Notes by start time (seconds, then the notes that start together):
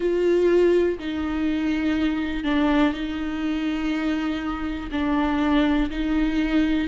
0.00 F4
0.98 D#4
2.44 D4
2.93 D#4
4.91 D4
5.90 D#4